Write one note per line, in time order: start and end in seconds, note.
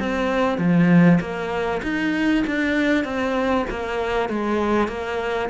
0.00 0.58 C4
0.58 1.20 F3
1.21 1.82 A#3
1.83 2.44 D#4
2.47 3.05 D4
3.05 3.66 C4
3.70 4.30 A#3
4.30 4.88 G#3
4.88 5.50 A#3